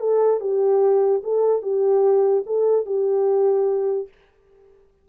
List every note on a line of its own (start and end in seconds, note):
0.00 0.40 A4
0.40 1.22 G4
1.24 1.63 A4
1.63 2.44 G4
2.47 2.86 A4
2.86 4.09 G4